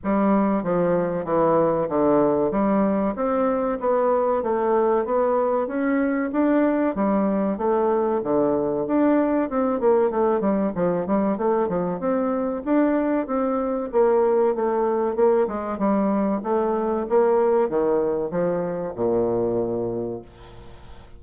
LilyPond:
\new Staff \with { instrumentName = "bassoon" } { \time 4/4 \tempo 4 = 95 g4 f4 e4 d4 | g4 c'4 b4 a4 | b4 cis'4 d'4 g4 | a4 d4 d'4 c'8 ais8 |
a8 g8 f8 g8 a8 f8 c'4 | d'4 c'4 ais4 a4 | ais8 gis8 g4 a4 ais4 | dis4 f4 ais,2 | }